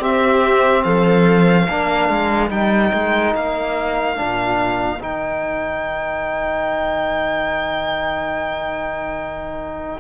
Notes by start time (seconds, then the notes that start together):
0.00 C4 G4 E5
0.83 F3 A4 F5
1.66 A#3 D4 A#4
2.10 G#3
2.50 G3 D#4 G5
2.93 G#3
3.35 A#3 F5
4.16 A#2 D4
5.01 D#3 D#4 G5